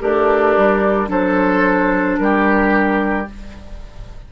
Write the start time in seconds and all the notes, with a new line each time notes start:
0.00 A3 D4 G4 A#4
0.57 G3
1.08 F#3 D4 A4 C5
2.18 G3 G4 A#4